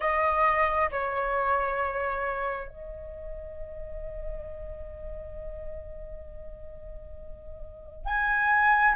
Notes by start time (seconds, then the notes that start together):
0.00 D#5
0.91 C#5
2.68 D#5
8.05 G#5